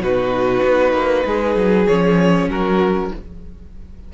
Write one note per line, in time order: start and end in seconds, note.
0.00 0.62 B2
0.00 1.88 D#4
0.00 1.26 F#4
0.00 1.87 B4
0.63 0.93 B3
0.93 1.24 A#3
1.25 1.56 G#3
1.25 2.50 G#4
1.56 1.87 F#3
1.87 2.49 F3
1.87 3.14 C#4
1.87 2.49 C#5
2.49 3.11 F#3
2.49 3.12 F#4
2.49 3.13 A#4